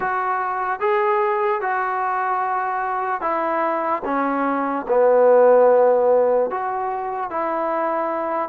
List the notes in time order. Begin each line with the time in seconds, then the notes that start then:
0.00 F#4
0.80 G#4
1.61 F#4
3.21 E4
4.05 C#4
4.88 B3
6.50 F#4
7.30 E4